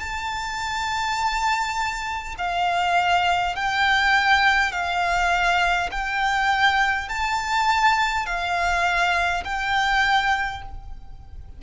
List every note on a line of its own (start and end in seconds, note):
0.00 2.35 A5
2.38 3.56 F5
3.56 4.73 G5
4.73 5.90 F5
5.91 7.09 G5
7.09 8.26 A5
8.26 9.44 F5
9.45 10.63 G5